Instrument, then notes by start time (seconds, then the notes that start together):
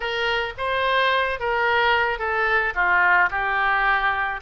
oboe
0.00 A#4
0.57 C5
1.39 A#4
2.18 A4
2.74 F4
3.30 G4